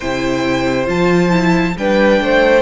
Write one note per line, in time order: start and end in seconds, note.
0.00 0.87 C3
0.00 0.85 E4
0.00 1.74 C5
0.00 0.85 G5
0.85 1.76 F3
0.85 1.29 F4
0.85 1.77 A5
1.29 1.73 E4
1.76 2.21 G3
1.76 2.61 D4
1.76 2.22 B4
1.76 2.61 G5
2.21 2.61 A3
2.21 2.61 C5